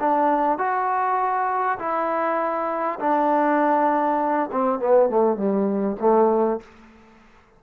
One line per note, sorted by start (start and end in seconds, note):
0.00 0.58 D4
0.58 1.78 F#4
1.79 2.99 E4
3.00 4.50 D4
4.52 4.80 C4
4.80 5.10 B3
5.10 5.37 A3
5.37 5.97 G3
6.00 6.60 A3